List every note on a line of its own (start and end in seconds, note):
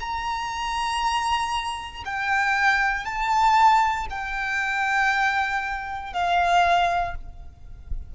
0.00 2.03 A#5
2.05 3.05 G5
3.05 4.06 A5
4.10 6.13 G5
6.13 7.15 F5